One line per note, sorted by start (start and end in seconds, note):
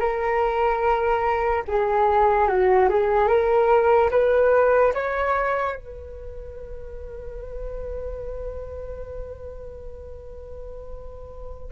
0.00 1.64 A#4
1.68 2.48 G#4
2.48 2.90 F#4
2.90 3.28 G#4
3.28 4.10 A#4
4.11 4.94 B4
4.94 5.76 C#5
5.76 11.72 B4